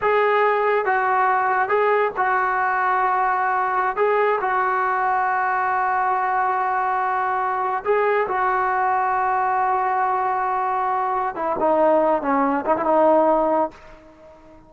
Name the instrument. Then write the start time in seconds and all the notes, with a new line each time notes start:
trombone
0.01 G#4
0.85 F#4
1.68 G#4
2.16 F#4
3.96 G#4
4.40 F#4
7.84 G#4
8.28 F#4
11.35 E4
11.59 D#4
12.21 C#4
12.65 D#4
12.76 E4
12.85 D#4